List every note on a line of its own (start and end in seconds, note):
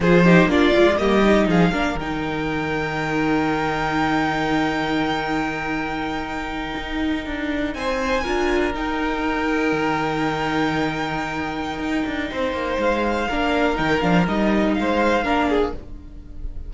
0.00 0.46 F3
0.00 0.24 F4
0.00 0.24 G#4
0.00 0.50 C5
0.24 0.49 D#4
0.24 0.48 G4
0.46 0.70 A#3
0.46 0.72 D4
0.46 0.98 F4
0.46 0.96 D5
0.72 1.00 G#3
0.72 0.97 F4
0.96 1.46 G3
0.96 1.22 A#3
0.96 1.48 G4
0.96 1.46 D#5
1.23 1.72 D#4
1.46 1.71 F3
1.46 1.71 G#4
1.46 1.99 F5
1.71 1.94 A#3
1.71 1.97 D4
1.71 7.74 A#4
1.94 6.74 D#3
1.94 7.73 G5
2.01 8.23 D#4
6.76 7.26 D#4
7.26 7.74 D4
7.73 8.24 C4
7.73 8.23 C5
7.73 8.71 G#5
8.23 8.74 D4
8.23 8.73 F4
8.23 12.29 A#4
8.73 13.28 D#4
8.73 9.72 D#4
8.73 12.80 G5
9.72 11.78 D#3
11.78 12.03 D#4
12.06 12.30 D4
12.30 12.52 C4
12.30 13.27 C5
12.52 12.77 A#3
12.78 13.27 G#3
12.78 13.77 F5
13.27 13.78 A#3
13.27 13.75 D4
13.27 14.75 A#4
13.75 14.02 D#3
13.75 14.00 D#4
13.75 14.01 G5
14.01 14.27 F3
14.01 14.26 D4
14.01 14.25 F5
14.27 14.76 G3
14.27 15.23 D#4
14.27 14.74 D#5
14.74 15.23 G#3
14.74 15.23 C5
14.74 15.72 F5
15.23 15.72 A#3
15.23 15.72 D4
15.23 15.48 A#4
15.49 15.73 G#4